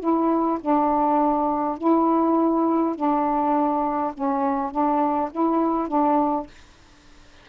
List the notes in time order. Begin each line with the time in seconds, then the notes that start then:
0.00 E4
0.61 D4
1.78 E4
2.95 D4
4.14 C#4
4.71 D4
5.31 E4
5.88 D4